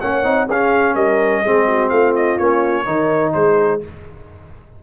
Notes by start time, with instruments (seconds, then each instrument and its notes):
0.00 tuba A#3, trombone C#4, horn C#5, trumpet F#5
0.23 tuba C4, trombone D#4
0.46 tuba C#4, trombone C#4, horn G#4, trumpet F5
0.94 tuba G3, horn A#4, trumpet D#5
1.41 tuba G#3, trombone C4, horn G#4
1.67 horn F#4
1.89 tuba A3, horn F4, trumpet F5
2.15 trumpet D#5
2.38 tuba A#3, trombone C#4, trumpet C#5
2.85 tuba D#3, trombone D#4, horn A#4
3.33 tuba G#3, horn G#4, trumpet C5